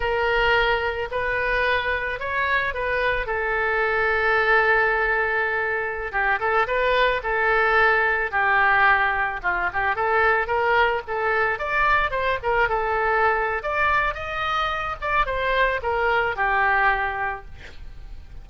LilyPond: \new Staff \with { instrumentName = "oboe" } { \time 4/4 \tempo 4 = 110 ais'2 b'2 | cis''4 b'4 a'2~ | a'2.~ a'16 g'8 a'16~ | a'16 b'4 a'2 g'8.~ |
g'4~ g'16 f'8 g'8 a'4 ais'8.~ | ais'16 a'4 d''4 c''8 ais'8 a'8.~ | a'4 d''4 dis''4. d''8 | c''4 ais'4 g'2 | }